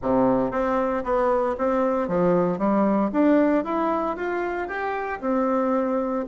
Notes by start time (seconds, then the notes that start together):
0.01 C3
0.51 C4
1.03 B3
1.57 C4
2.08 F3
2.58 G3
3.12 D4
3.64 E4
4.16 F4
4.68 G4
5.20 C4